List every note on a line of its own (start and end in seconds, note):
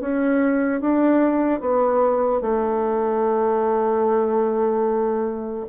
0.00 0.80 C#4
0.80 1.60 D4
1.60 2.41 B3
2.41 5.65 A3